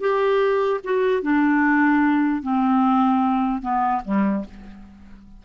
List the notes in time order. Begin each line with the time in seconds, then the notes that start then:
0.00 G4
0.84 F#4
1.22 D4
2.42 C4
3.62 B3
4.04 G3